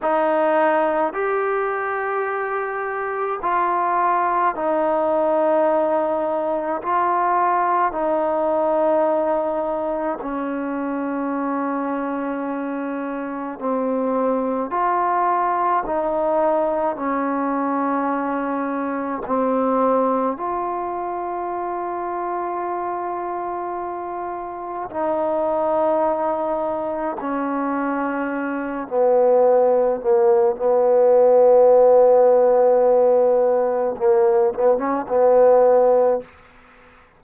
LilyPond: \new Staff \with { instrumentName = "trombone" } { \time 4/4 \tempo 4 = 53 dis'4 g'2 f'4 | dis'2 f'4 dis'4~ | dis'4 cis'2. | c'4 f'4 dis'4 cis'4~ |
cis'4 c'4 f'2~ | f'2 dis'2 | cis'4. b4 ais8 b4~ | b2 ais8 b16 cis'16 b4 | }